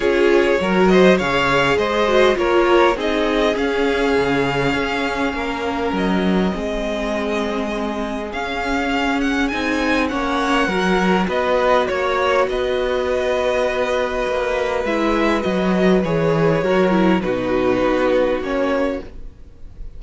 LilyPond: <<
  \new Staff \with { instrumentName = "violin" } { \time 4/4 \tempo 4 = 101 cis''4. dis''8 f''4 dis''4 | cis''4 dis''4 f''2~ | f''2 dis''2~ | dis''2 f''4. fis''8 |
gis''4 fis''2 dis''4 | cis''4 dis''2.~ | dis''4 e''4 dis''4 cis''4~ | cis''4 b'2 cis''4 | }
  \new Staff \with { instrumentName = "violin" } { \time 4/4 gis'4 ais'8 c''8 cis''4 c''4 | ais'4 gis'2.~ | gis'4 ais'2 gis'4~ | gis'1~ |
gis'4 cis''4 ais'4 b'4 | cis''4 b'2.~ | b'1 | ais'4 fis'2. | }
  \new Staff \with { instrumentName = "viola" } { \time 4/4 f'4 fis'4 gis'4. fis'8 | f'4 dis'4 cis'2~ | cis'2. c'4~ | c'2 cis'2 |
dis'4 cis'4 fis'2~ | fis'1~ | fis'4 e'4 fis'4 gis'4 | fis'8 e'8 dis'2 cis'4 | }
  \new Staff \with { instrumentName = "cello" } { \time 4/4 cis'4 fis4 cis4 gis4 | ais4 c'4 cis'4 cis4 | cis'4 ais4 fis4 gis4~ | gis2 cis'2 |
c'4 ais4 fis4 b4 | ais4 b2. | ais4 gis4 fis4 e4 | fis4 b,4 b4 ais4 | }
>>